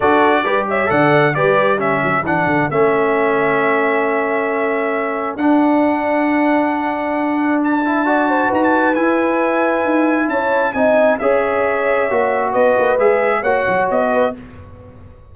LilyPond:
<<
  \new Staff \with { instrumentName = "trumpet" } { \time 4/4 \tempo 4 = 134 d''4. e''8 fis''4 d''4 | e''4 fis''4 e''2~ | e''1 | fis''1~ |
fis''4 a''2 ais''16 a''8. | gis''2. a''4 | gis''4 e''2. | dis''4 e''4 fis''4 dis''4 | }
  \new Staff \with { instrumentName = "horn" } { \time 4/4 a'4 b'8 cis''8 d''4 b'4 | a'1~ | a'1~ | a'1~ |
a'2 d''8 c''8 b'4~ | b'2. cis''4 | dis''4 cis''2. | b'2 cis''4. b'8 | }
  \new Staff \with { instrumentName = "trombone" } { \time 4/4 fis'4 g'4 a'4 g'4 | cis'4 d'4 cis'2~ | cis'1 | d'1~ |
d'4. e'8 fis'2 | e'1 | dis'4 gis'2 fis'4~ | fis'4 gis'4 fis'2 | }
  \new Staff \with { instrumentName = "tuba" } { \time 4/4 d'4 g4 d4 g4~ | g8 fis8 e8 d8 a2~ | a1 | d'1~ |
d'2. dis'4 | e'2 dis'4 cis'4 | c'4 cis'2 ais4 | b8 ais8 gis4 ais8 fis8 b4 | }
>>